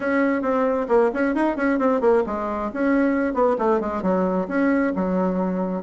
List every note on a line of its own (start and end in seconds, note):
0.00 0.42 C#4
0.42 0.86 C4
0.88 1.10 A#3
1.13 1.34 C#4
1.34 1.56 D#4
1.56 1.78 C#4
1.78 2.00 C4
2.00 2.23 A#3
2.26 2.71 G#3
2.73 3.34 C#4
3.34 3.56 B3
3.58 3.80 A3
3.80 4.02 G#3
4.02 4.47 F#3
4.48 4.92 C#4
4.95 5.82 F#3